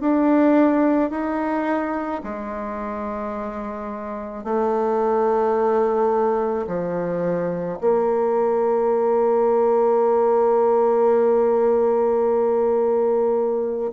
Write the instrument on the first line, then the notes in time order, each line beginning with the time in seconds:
bassoon
0.00 D4
1.10 D#4
2.23 G#3
4.44 A3
6.67 F3
7.81 A#3